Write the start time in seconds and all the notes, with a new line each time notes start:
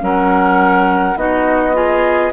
0.00 F#3 C#4 A#4 F#5
1.16 B3 D#4 F#4 D#5
1.74 F4 G#4